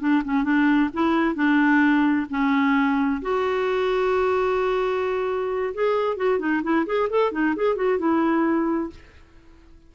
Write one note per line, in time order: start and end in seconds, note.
0.00 0.23 D4
0.25 0.44 C#4
0.44 0.90 D4
0.94 1.35 E4
1.35 2.27 D4
2.30 3.22 C#4
3.22 5.74 F#4
5.75 6.17 G#4
6.17 6.39 F#4
6.39 6.62 D#4
6.63 6.86 E4
6.86 7.09 G#4
7.10 7.32 A4
7.32 7.55 D#4
7.56 7.76 G#4
7.76 7.99 F#4
7.99 8.91 E4